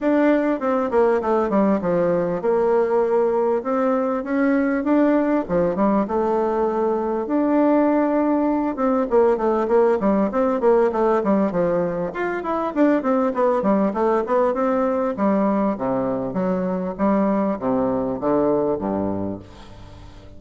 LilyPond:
\new Staff \with { instrumentName = "bassoon" } { \time 4/4 \tempo 4 = 99 d'4 c'8 ais8 a8 g8 f4 | ais2 c'4 cis'4 | d'4 f8 g8 a2 | d'2~ d'8 c'8 ais8 a8 |
ais8 g8 c'8 ais8 a8 g8 f4 | f'8 e'8 d'8 c'8 b8 g8 a8 b8 | c'4 g4 c4 fis4 | g4 c4 d4 g,4 | }